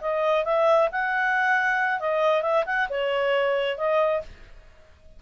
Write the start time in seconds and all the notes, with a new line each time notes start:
0.00 D#5
0.44 E5
0.92 F#5
1.99 D#5
2.42 E5
2.66 F#5
2.89 C#5
3.77 D#5